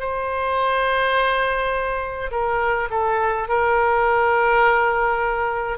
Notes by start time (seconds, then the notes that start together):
0.00 C5
2.31 A#4
2.91 A4
3.48 A#4